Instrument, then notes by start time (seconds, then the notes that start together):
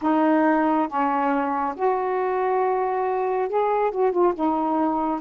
saxophone
0.01 D#4
0.87 C#4
1.76 F#4
3.48 G#4
3.91 F#4
4.11 F4
4.34 D#4